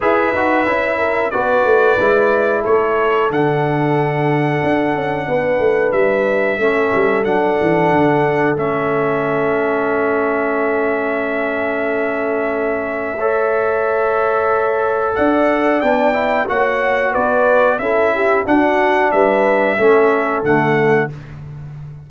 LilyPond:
<<
  \new Staff \with { instrumentName = "trumpet" } { \time 4/4 \tempo 4 = 91 e''2 d''2 | cis''4 fis''2.~ | fis''4 e''2 fis''4~ | fis''4 e''2.~ |
e''1~ | e''2. fis''4 | g''4 fis''4 d''4 e''4 | fis''4 e''2 fis''4 | }
  \new Staff \with { instrumentName = "horn" } { \time 4/4 b'4. ais'8 b'2 | a'1 | b'2 a'2~ | a'1~ |
a'1 | cis''2. d''4~ | d''4 cis''4 b'4 a'8 g'8 | fis'4 b'4 a'2 | }
  \new Staff \with { instrumentName = "trombone" } { \time 4/4 gis'8 fis'8 e'4 fis'4 e'4~ | e'4 d'2.~ | d'2 cis'4 d'4~ | d'4 cis'2.~ |
cis'1 | a'1 | d'8 e'8 fis'2 e'4 | d'2 cis'4 a4 | }
  \new Staff \with { instrumentName = "tuba" } { \time 4/4 e'8 dis'8 cis'4 b8 a8 gis4 | a4 d2 d'8 cis'8 | b8 a8 g4 a8 g8 fis8 e8 | d4 a2.~ |
a1~ | a2. d'4 | b4 ais4 b4 cis'4 | d'4 g4 a4 d4 | }
>>